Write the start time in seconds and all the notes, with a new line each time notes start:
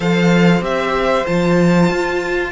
0.00 F3 A4 C5 F5
0.61 C4 G4 E5
1.26 F3 F4 A5
1.89 F4